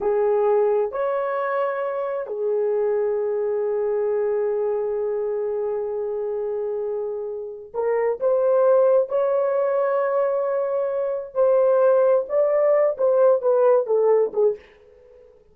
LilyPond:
\new Staff \with { instrumentName = "horn" } { \time 4/4 \tempo 4 = 132 gis'2 cis''2~ | cis''4 gis'2.~ | gis'1~ | gis'1~ |
gis'4 ais'4 c''2 | cis''1~ | cis''4 c''2 d''4~ | d''8 c''4 b'4 a'4 gis'8 | }